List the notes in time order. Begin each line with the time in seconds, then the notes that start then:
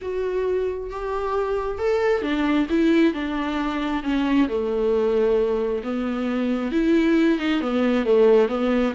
0.01 F#4
0.90 G4
1.78 A4
2.22 D4
2.69 E4
3.13 D4
4.03 C#4
4.48 A3
5.83 B3
6.71 E4
7.38 D#4
7.60 B3
8.05 A3
8.48 B3